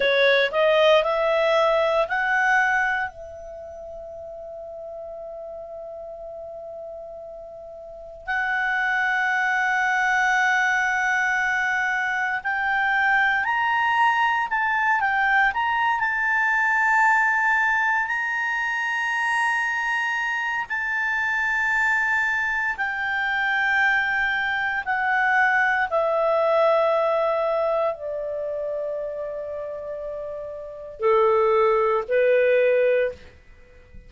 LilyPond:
\new Staff \with { instrumentName = "clarinet" } { \time 4/4 \tempo 4 = 58 cis''8 dis''8 e''4 fis''4 e''4~ | e''1 | fis''1 | g''4 ais''4 a''8 g''8 ais''8 a''8~ |
a''4. ais''2~ ais''8 | a''2 g''2 | fis''4 e''2 d''4~ | d''2 a'4 b'4 | }